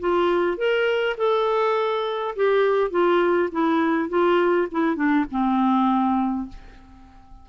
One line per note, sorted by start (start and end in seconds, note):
0.00 0.57 F4
0.57 1.16 A#4
1.18 2.35 A4
2.36 2.91 G4
2.91 3.50 F4
3.52 4.09 E4
4.09 4.68 F4
4.71 4.96 E4
4.96 5.25 D4
5.31 6.49 C4